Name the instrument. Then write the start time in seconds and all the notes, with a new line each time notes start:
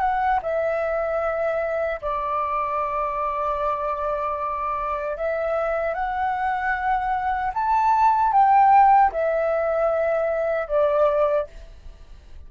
flute
0.00 F#5
0.43 E5
2.02 D5
5.17 E5
5.94 F#5
7.54 A5
8.33 G5
9.12 E5
10.68 D5